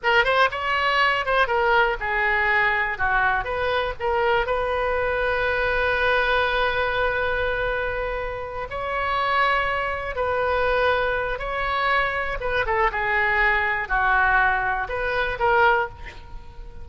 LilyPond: \new Staff \with { instrumentName = "oboe" } { \time 4/4 \tempo 4 = 121 ais'8 c''8 cis''4. c''8 ais'4 | gis'2 fis'4 b'4 | ais'4 b'2.~ | b'1~ |
b'4. cis''2~ cis''8~ | cis''8 b'2~ b'8 cis''4~ | cis''4 b'8 a'8 gis'2 | fis'2 b'4 ais'4 | }